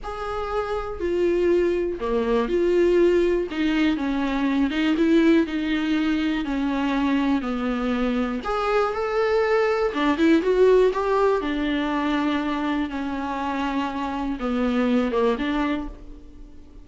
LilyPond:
\new Staff \with { instrumentName = "viola" } { \time 4/4 \tempo 4 = 121 gis'2 f'2 | ais4 f'2 dis'4 | cis'4. dis'8 e'4 dis'4~ | dis'4 cis'2 b4~ |
b4 gis'4 a'2 | d'8 e'8 fis'4 g'4 d'4~ | d'2 cis'2~ | cis'4 b4. ais8 d'4 | }